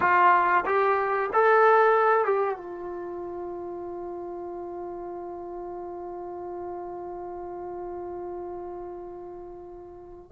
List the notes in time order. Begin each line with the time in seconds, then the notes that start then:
0.00 F4
0.65 G4
1.33 A4
2.24 G4
2.57 F4